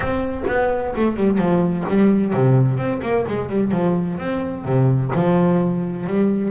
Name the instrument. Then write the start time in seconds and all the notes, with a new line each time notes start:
double bass
0.00 C4
0.47 B3
0.96 A3
1.16 G3
1.38 F3
1.88 G3
2.33 C3
2.77 C4
3.02 A#3
3.27 G#3
3.49 G3
3.71 F3
4.18 C4
4.64 C3
5.14 F3
6.06 G3